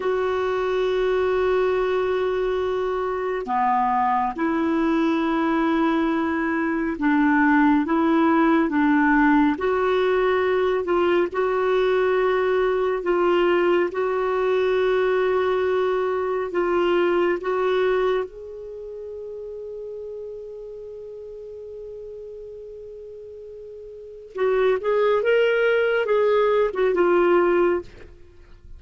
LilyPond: \new Staff \with { instrumentName = "clarinet" } { \time 4/4 \tempo 4 = 69 fis'1 | b4 e'2. | d'4 e'4 d'4 fis'4~ | fis'8 f'8 fis'2 f'4 |
fis'2. f'4 | fis'4 gis'2.~ | gis'1 | fis'8 gis'8 ais'4 gis'8. fis'16 f'4 | }